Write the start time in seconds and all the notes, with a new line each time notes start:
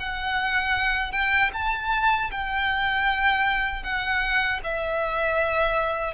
0.00 F#5
1.13 G5
1.54 A5
2.31 G5
3.84 F#5
4.64 E5